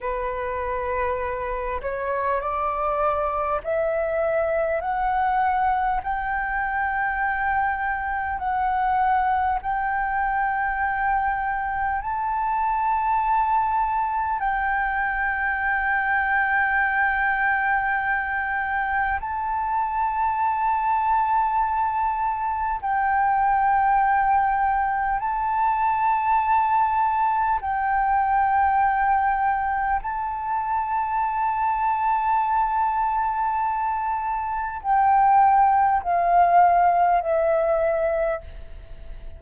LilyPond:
\new Staff \with { instrumentName = "flute" } { \time 4/4 \tempo 4 = 50 b'4. cis''8 d''4 e''4 | fis''4 g''2 fis''4 | g''2 a''2 | g''1 |
a''2. g''4~ | g''4 a''2 g''4~ | g''4 a''2.~ | a''4 g''4 f''4 e''4 | }